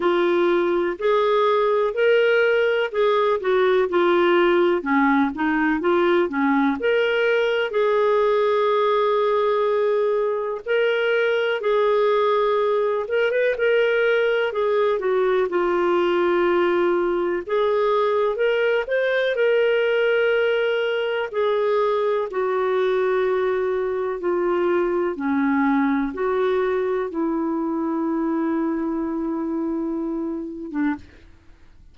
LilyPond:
\new Staff \with { instrumentName = "clarinet" } { \time 4/4 \tempo 4 = 62 f'4 gis'4 ais'4 gis'8 fis'8 | f'4 cis'8 dis'8 f'8 cis'8 ais'4 | gis'2. ais'4 | gis'4. ais'16 b'16 ais'4 gis'8 fis'8 |
f'2 gis'4 ais'8 c''8 | ais'2 gis'4 fis'4~ | fis'4 f'4 cis'4 fis'4 | e'2.~ e'8. d'16 | }